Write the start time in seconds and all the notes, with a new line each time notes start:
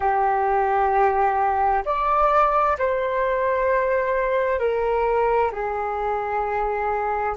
0.00 G4
1.85 D5
2.78 C5
4.59 A#4
5.51 G#4